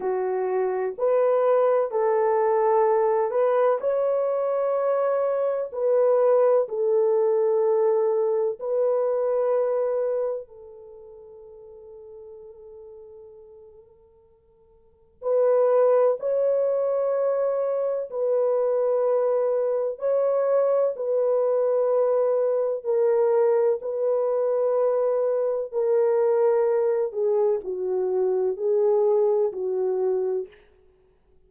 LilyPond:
\new Staff \with { instrumentName = "horn" } { \time 4/4 \tempo 4 = 63 fis'4 b'4 a'4. b'8 | cis''2 b'4 a'4~ | a'4 b'2 a'4~ | a'1 |
b'4 cis''2 b'4~ | b'4 cis''4 b'2 | ais'4 b'2 ais'4~ | ais'8 gis'8 fis'4 gis'4 fis'4 | }